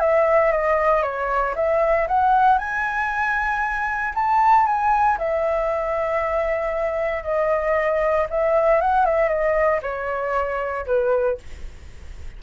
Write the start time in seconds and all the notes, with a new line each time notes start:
0.00 E5
0.52 D#5
1.03 C#5
1.56 E5
2.08 F#5
2.58 G#5
4.14 A5
4.66 G#5
5.18 E5
7.24 D#5
8.30 E5
8.81 F#5
9.06 E5
9.28 D#5
9.82 C#5
10.86 B4